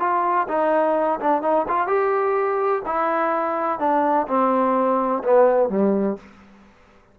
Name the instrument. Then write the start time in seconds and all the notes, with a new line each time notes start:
trombone
0.00 F4
0.48 D#4
1.21 D4
1.42 D#4
1.68 F4
1.88 G4
2.86 E4
3.80 D4
4.28 C4
5.24 B3
5.70 G3